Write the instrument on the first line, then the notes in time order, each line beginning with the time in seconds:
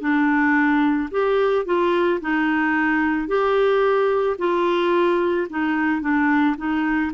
clarinet
0.00 D4
1.11 G4
1.65 F4
2.21 D#4
3.27 G4
4.38 F4
5.49 D#4
6.01 D4
6.57 D#4